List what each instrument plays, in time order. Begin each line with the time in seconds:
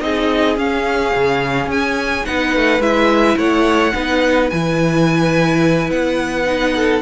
0.00 cello C4, viola D#4, violin G#4 D#5
0.56 viola C#4, cello C#4, violin F5
1.14 cello C#3
1.67 cello C#4, violin G#5
2.25 cello B3, viola D#4, violin B4 F#5
2.56 cello A3
2.79 cello G#3, viola E4, violin E5
3.37 cello A3, violin C#5 F#5
3.93 cello B3, viola D#4, violin B4
4.50 cello E3, viola E4, violin G#5
5.90 cello B3, violin F#5
6.45 viola D#4
6.76 violin A4